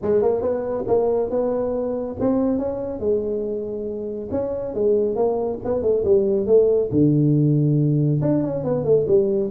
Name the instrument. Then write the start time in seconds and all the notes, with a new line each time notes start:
tuba
0.02 G#3
0.22 A#3
0.41 B3
0.87 A#3
1.30 B3
2.20 C4
2.58 C#4
2.99 G#3
4.31 C#4
4.74 G#3
5.15 A#3
5.64 B3
5.82 A3
6.04 G3
6.46 A3
6.91 D3
8.21 D4
8.43 C#4
8.64 B3
8.84 A3
9.07 G3